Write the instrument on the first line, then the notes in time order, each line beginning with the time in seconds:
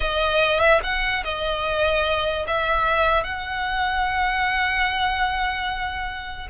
violin
0.00 D#5
0.60 E5
0.83 F#5
1.24 D#5
2.47 E5
3.23 F#5